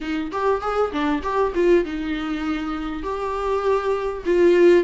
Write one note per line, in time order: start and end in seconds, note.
0.00 0.31 D#4
0.31 0.61 G4
0.61 0.91 G#4
0.91 1.22 D4
1.22 1.53 G4
1.54 1.84 F4
1.84 3.02 D#4
3.02 4.23 G4
4.25 4.83 F4